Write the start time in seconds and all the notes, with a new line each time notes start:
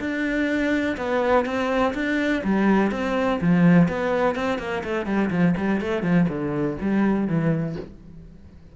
0.00 D4
0.97 B3
1.45 C4
1.94 D4
2.44 G3
2.91 C4
3.41 F3
3.88 B3
4.35 C4
4.59 A#3
4.84 A3
5.06 G3
5.30 F3
5.57 G3
5.81 A3
6.03 F3
6.28 D3
6.81 G3
7.27 E3